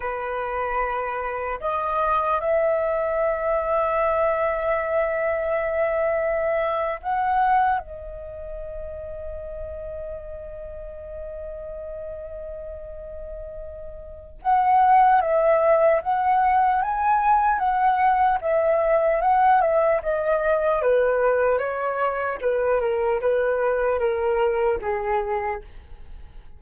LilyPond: \new Staff \with { instrumentName = "flute" } { \time 4/4 \tempo 4 = 75 b'2 dis''4 e''4~ | e''1~ | e''8. fis''4 dis''2~ dis''16~ | dis''1~ |
dis''2 fis''4 e''4 | fis''4 gis''4 fis''4 e''4 | fis''8 e''8 dis''4 b'4 cis''4 | b'8 ais'8 b'4 ais'4 gis'4 | }